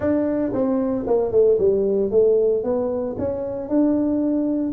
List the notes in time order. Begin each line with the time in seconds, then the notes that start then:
0.00 D4
0.53 C4
1.06 A#3
1.31 A3
1.58 G3
2.11 A3
2.63 B3
3.18 C#4
3.68 D4